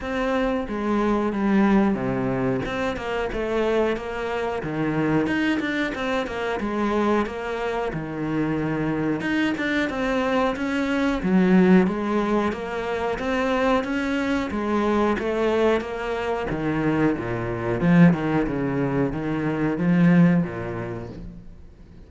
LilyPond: \new Staff \with { instrumentName = "cello" } { \time 4/4 \tempo 4 = 91 c'4 gis4 g4 c4 | c'8 ais8 a4 ais4 dis4 | dis'8 d'8 c'8 ais8 gis4 ais4 | dis2 dis'8 d'8 c'4 |
cis'4 fis4 gis4 ais4 | c'4 cis'4 gis4 a4 | ais4 dis4 ais,4 f8 dis8 | cis4 dis4 f4 ais,4 | }